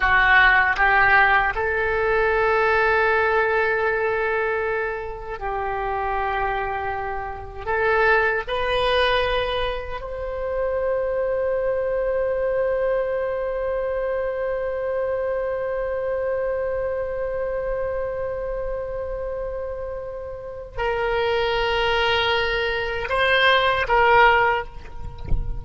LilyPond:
\new Staff \with { instrumentName = "oboe" } { \time 4/4 \tempo 4 = 78 fis'4 g'4 a'2~ | a'2. g'4~ | g'2 a'4 b'4~ | b'4 c''2.~ |
c''1~ | c''1~ | c''2. ais'4~ | ais'2 c''4 ais'4 | }